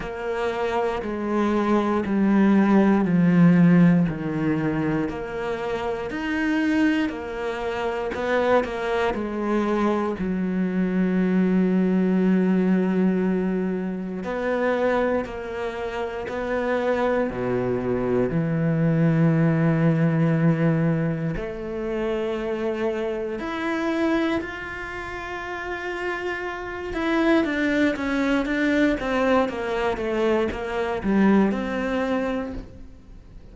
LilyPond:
\new Staff \with { instrumentName = "cello" } { \time 4/4 \tempo 4 = 59 ais4 gis4 g4 f4 | dis4 ais4 dis'4 ais4 | b8 ais8 gis4 fis2~ | fis2 b4 ais4 |
b4 b,4 e2~ | e4 a2 e'4 | f'2~ f'8 e'8 d'8 cis'8 | d'8 c'8 ais8 a8 ais8 g8 c'4 | }